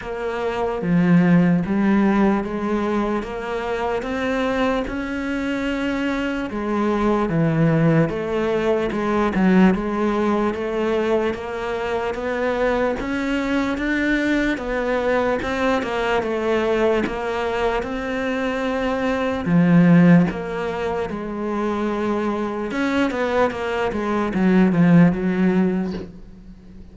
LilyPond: \new Staff \with { instrumentName = "cello" } { \time 4/4 \tempo 4 = 74 ais4 f4 g4 gis4 | ais4 c'4 cis'2 | gis4 e4 a4 gis8 fis8 | gis4 a4 ais4 b4 |
cis'4 d'4 b4 c'8 ais8 | a4 ais4 c'2 | f4 ais4 gis2 | cis'8 b8 ais8 gis8 fis8 f8 fis4 | }